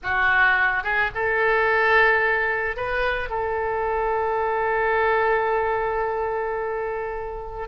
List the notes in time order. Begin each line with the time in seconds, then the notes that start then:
0.03 F#4
0.83 G#4
1.14 A4
2.76 B4
3.29 A4